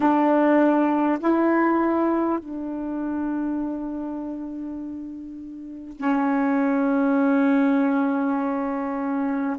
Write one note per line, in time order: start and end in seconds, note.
0.00 1.18 D4
1.19 2.39 E4
2.39 5.96 D4
5.96 9.56 C#4